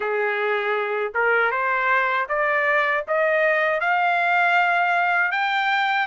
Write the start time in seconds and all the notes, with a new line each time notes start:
0.00 G#4
1.14 A#4
1.51 C5
2.28 D5
3.07 D#5
3.80 F5
5.31 G5